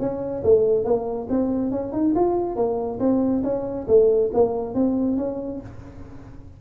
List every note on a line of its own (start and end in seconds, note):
0.00 0.43 C#4
0.44 0.85 A3
0.85 1.28 A#3
1.30 1.71 C4
1.71 1.93 C#4
1.93 2.14 D#4
2.16 2.56 F4
2.56 2.99 A#3
3.00 3.43 C4
3.44 3.87 C#4
3.88 4.31 A3
4.34 4.75 A#3
4.75 5.18 C4
5.18 5.61 C#4